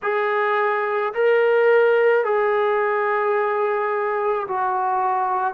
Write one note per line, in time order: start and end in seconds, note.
0.02 1.13 G#4
1.14 2.24 A#4
2.24 4.46 G#4
4.47 5.54 F#4